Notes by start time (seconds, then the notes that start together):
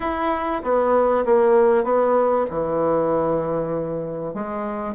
0.00 E4
0.62 B3
1.25 A#3
1.84 B3
2.49 E3
4.34 G#3